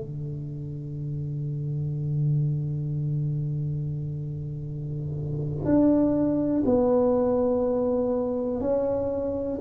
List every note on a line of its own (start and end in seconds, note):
0.00 5.65 D3
5.65 6.63 D4
6.65 8.61 B3
8.61 9.59 C#4